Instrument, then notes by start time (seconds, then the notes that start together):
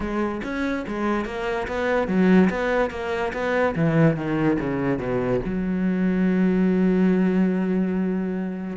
cello
0.00 G#3
0.43 C#4
0.87 G#3
1.25 A#3
1.67 B3
2.07 F#3
2.50 B3
2.90 A#3
3.33 B3
3.75 E3
4.16 D#3
4.59 C#3
4.98 B2
5.45 F#3